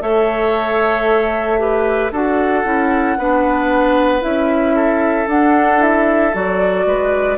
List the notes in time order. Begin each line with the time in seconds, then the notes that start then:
0.00 A3 A4 C#5 E5
1.57 G4 B4
2.11 D4 F#4 A4 F#5
2.64 C#4 E4
3.17 B3 D4 B4
4.21 C#4 E4 E5
4.75 A4
5.26 D4 F#5
5.78 E4 E5
6.33 F#3 F#4 D5
6.85 G#3 B4